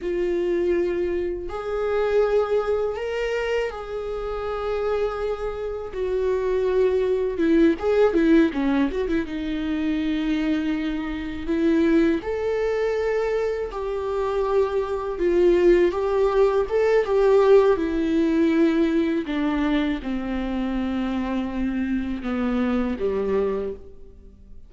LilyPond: \new Staff \with { instrumentName = "viola" } { \time 4/4 \tempo 4 = 81 f'2 gis'2 | ais'4 gis'2. | fis'2 e'8 gis'8 e'8 cis'8 | fis'16 e'16 dis'2. e'8~ |
e'8 a'2 g'4.~ | g'8 f'4 g'4 a'8 g'4 | e'2 d'4 c'4~ | c'2 b4 g4 | }